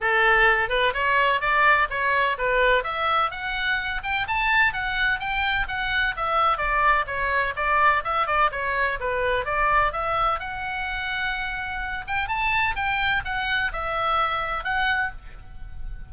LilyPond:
\new Staff \with { instrumentName = "oboe" } { \time 4/4 \tempo 4 = 127 a'4. b'8 cis''4 d''4 | cis''4 b'4 e''4 fis''4~ | fis''8 g''8 a''4 fis''4 g''4 | fis''4 e''4 d''4 cis''4 |
d''4 e''8 d''8 cis''4 b'4 | d''4 e''4 fis''2~ | fis''4. g''8 a''4 g''4 | fis''4 e''2 fis''4 | }